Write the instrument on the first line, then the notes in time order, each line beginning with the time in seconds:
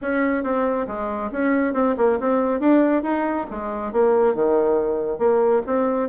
bassoon
0.01 C#4
0.43 C4
0.87 G#3
1.31 C#4
1.73 C4
1.97 A#3
2.20 C4
2.60 D4
3.02 D#4
3.50 G#3
3.92 A#3
4.34 D#3
5.18 A#3
5.66 C4